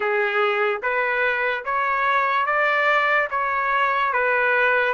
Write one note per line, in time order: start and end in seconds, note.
0.00 0.81 G#4
0.82 1.64 B4
1.64 2.46 C#5
2.46 3.28 D5
3.30 4.12 C#5
4.12 4.93 B4